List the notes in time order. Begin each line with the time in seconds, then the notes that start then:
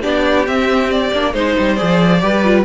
0.00 B3 D4 G4 D5
0.46 C4 E5
0.91 D5
1.12 A#3 D4
1.33 G#3 D#4 C5
1.58 G3
1.76 F3 G#4 D5
2.20 G3 G4 B4
2.43 F4